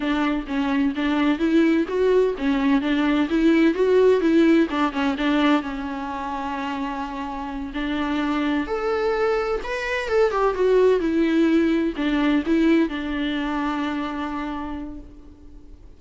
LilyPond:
\new Staff \with { instrumentName = "viola" } { \time 4/4 \tempo 4 = 128 d'4 cis'4 d'4 e'4 | fis'4 cis'4 d'4 e'4 | fis'4 e'4 d'8 cis'8 d'4 | cis'1~ |
cis'8 d'2 a'4.~ | a'8 b'4 a'8 g'8 fis'4 e'8~ | e'4. d'4 e'4 d'8~ | d'1 | }